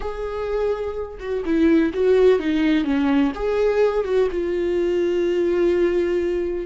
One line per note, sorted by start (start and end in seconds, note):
0.00 1.18 G#4
1.19 1.43 F#4
1.45 1.92 E4
1.93 2.39 F#4
2.39 2.84 D#4
2.84 3.32 C#4
3.35 4.04 G#4
4.04 4.28 F#4
4.31 6.66 F4